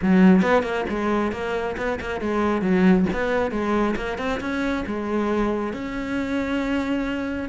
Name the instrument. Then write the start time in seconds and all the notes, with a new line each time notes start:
cello
0.02 F#3
0.42 B3
0.62 A#3
0.89 G#3
1.32 A#3
1.77 B3
2.00 A#3
2.20 G#3
2.61 F#3
3.12 B3
3.51 G#3
3.95 A#3
4.18 C4
4.40 C#4
4.86 G#3
5.73 C#4